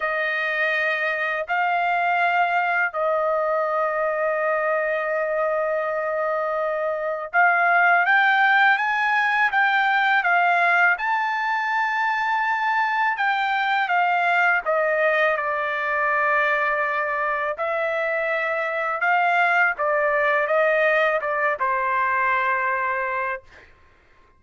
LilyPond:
\new Staff \with { instrumentName = "trumpet" } { \time 4/4 \tempo 4 = 82 dis''2 f''2 | dis''1~ | dis''2 f''4 g''4 | gis''4 g''4 f''4 a''4~ |
a''2 g''4 f''4 | dis''4 d''2. | e''2 f''4 d''4 | dis''4 d''8 c''2~ c''8 | }